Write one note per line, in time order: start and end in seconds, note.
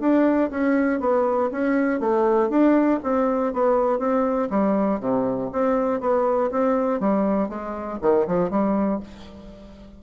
0.00 0.50 D4
0.50 1.00 C#4
1.00 1.50 B3
1.52 2.00 C#4
2.00 2.50 A3
2.50 3.00 D4
3.03 3.53 C4
3.53 3.99 B3
3.99 4.49 C4
4.50 5.00 G3
5.00 5.50 C3
5.52 6.00 C4
6.00 6.50 B3
6.51 7.00 C4
7.00 7.49 G3
7.49 7.99 G#3
8.02 8.27 D#3
8.28 8.50 F3
8.50 9.00 G3